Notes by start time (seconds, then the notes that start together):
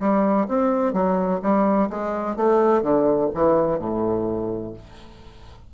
0.00 G3
0.49 C4
0.93 F#3
1.42 G3
1.90 G#3
2.37 A3
2.82 D3
3.35 E3
3.79 A2